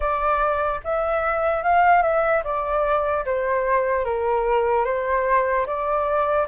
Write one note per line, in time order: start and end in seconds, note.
0.00 0.80 D5
0.84 1.63 E5
1.63 2.02 F5
2.02 2.43 E5
2.43 3.24 D5
3.25 4.04 C5
4.04 4.84 A#4
4.84 5.65 C5
5.66 6.47 D5